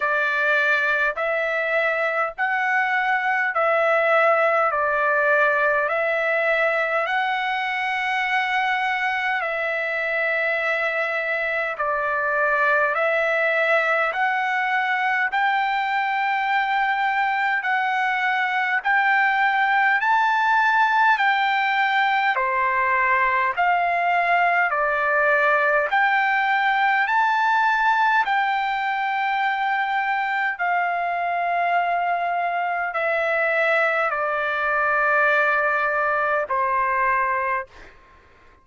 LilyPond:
\new Staff \with { instrumentName = "trumpet" } { \time 4/4 \tempo 4 = 51 d''4 e''4 fis''4 e''4 | d''4 e''4 fis''2 | e''2 d''4 e''4 | fis''4 g''2 fis''4 |
g''4 a''4 g''4 c''4 | f''4 d''4 g''4 a''4 | g''2 f''2 | e''4 d''2 c''4 | }